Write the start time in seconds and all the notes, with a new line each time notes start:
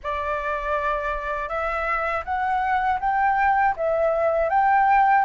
0.03 D5
1.48 E5
2.24 F#5
3.00 G5
3.76 E5
4.49 G5